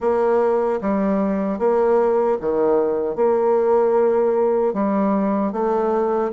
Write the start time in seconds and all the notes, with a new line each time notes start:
0.00 A#3
0.81 G3
1.58 A#3
2.40 D#3
3.15 A#3
4.73 G3
5.52 A3